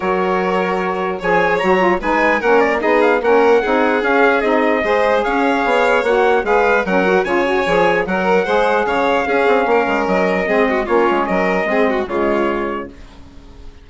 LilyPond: <<
  \new Staff \with { instrumentName = "trumpet" } { \time 4/4 \tempo 4 = 149 cis''2. gis''4 | ais''4 gis''4 fis''8 d''8 dis''8 f''8 | fis''2 f''4 dis''4~ | dis''4 f''2 fis''4 |
f''4 fis''4 gis''2 | fis''2 f''2~ | f''4 dis''2 cis''4 | dis''2 cis''2 | }
  \new Staff \with { instrumentName = "violin" } { \time 4/4 ais'2. cis''4~ | cis''4 b'4 ais'4 gis'4 | ais'4 gis'2. | c''4 cis''2. |
b'4 ais'4 cis''2 | ais'4 c''4 cis''4 gis'4 | ais'2 gis'8 fis'8 f'4 | ais'4 gis'8 fis'8 f'2 | }
  \new Staff \with { instrumentName = "saxophone" } { \time 4/4 fis'2. gis'4 | fis'8 f'8 dis'4 cis'4 dis'4 | cis'4 dis'4 cis'4 dis'4 | gis'2. fis'4 |
gis'4 cis'8 fis'8 f'8 fis'8 gis'4 | ais'4 gis'2 cis'4~ | cis'2 c'4 cis'4~ | cis'4 c'4 gis2 | }
  \new Staff \with { instrumentName = "bassoon" } { \time 4/4 fis2. f4 | fis4 gis4 ais4 b4 | ais4 c'4 cis'4 c'4 | gis4 cis'4 b4 ais4 |
gis4 fis4 cis4 f4 | fis4 gis4 cis4 cis'8 c'8 | ais8 gis8 fis4 gis4 ais8 gis8 | fis4 gis4 cis2 | }
>>